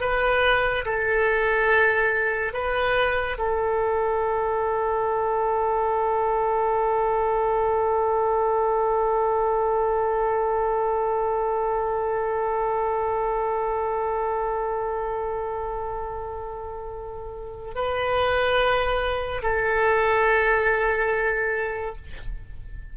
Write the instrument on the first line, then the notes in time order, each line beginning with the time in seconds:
oboe
0.00 B4
0.85 A4
2.53 B4
3.38 A4
17.74 B4
19.42 A4